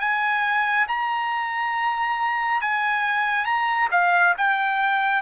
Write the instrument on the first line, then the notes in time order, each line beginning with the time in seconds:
trumpet
0.00 G#5
0.88 A#5
2.61 G#5
3.45 A#5
3.91 F5
4.38 G5